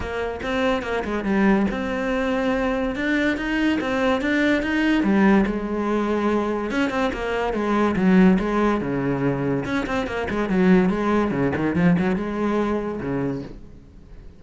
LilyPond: \new Staff \with { instrumentName = "cello" } { \time 4/4 \tempo 4 = 143 ais4 c'4 ais8 gis8 g4 | c'2. d'4 | dis'4 c'4 d'4 dis'4 | g4 gis2. |
cis'8 c'8 ais4 gis4 fis4 | gis4 cis2 cis'8 c'8 | ais8 gis8 fis4 gis4 cis8 dis8 | f8 fis8 gis2 cis4 | }